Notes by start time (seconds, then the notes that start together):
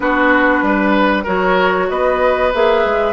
0.00 B3 D4 F#4 B4
0.62 G3 B4
1.23 F#3 F#4 A#4 C#5
1.89 B3 B4 D#5
2.53 A#3 G#4 E5
2.84 G#3